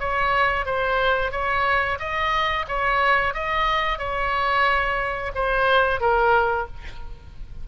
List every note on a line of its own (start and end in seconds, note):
0.00 0.66 C#5
0.66 1.32 C5
1.32 1.99 C#5
2.00 2.66 D#5
2.68 3.35 C#5
3.35 3.99 D#5
3.99 5.32 C#5
5.35 6.01 C5
6.01 6.67 A#4